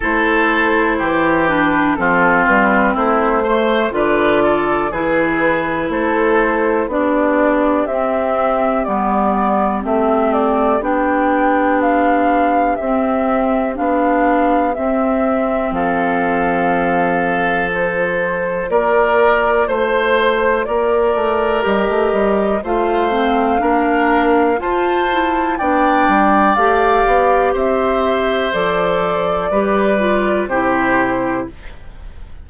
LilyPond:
<<
  \new Staff \with { instrumentName = "flute" } { \time 4/4 \tempo 4 = 61 c''4. b'8 a'8 b'8 c''4 | d''4 b'4 c''4 d''4 | e''4 d''4 e''8 d''8 g''4 | f''4 e''4 f''4 e''4 |
f''2 c''4 d''4 | c''4 d''4 dis''4 f''4~ | f''4 a''4 g''4 f''4 | e''4 d''2 c''4 | }
  \new Staff \with { instrumentName = "oboe" } { \time 4/4 a'4 g'4 f'4 e'8 c''8 | b'8 a'8 gis'4 a'4 g'4~ | g'1~ | g'1 |
a'2. ais'4 | c''4 ais'2 c''4 | ais'4 c''4 d''2 | c''2 b'4 g'4 | }
  \new Staff \with { instrumentName = "clarinet" } { \time 4/4 e'4. d'8 c'4. a8 | f'4 e'2 d'4 | c'4 b4 c'4 d'4~ | d'4 c'4 d'4 c'4~ |
c'2 f'2~ | f'2 g'4 f'8 c'8 | d'4 f'8 e'8 d'4 g'4~ | g'4 a'4 g'8 f'8 e'4 | }
  \new Staff \with { instrumentName = "bassoon" } { \time 4/4 a4 e4 f8 g8 a4 | d4 e4 a4 b4 | c'4 g4 a4 b4~ | b4 c'4 b4 c'4 |
f2. ais4 | a4 ais8 a8 g16 a16 g8 a4 | ais4 f'4 b8 g8 a8 b8 | c'4 f4 g4 c4 | }
>>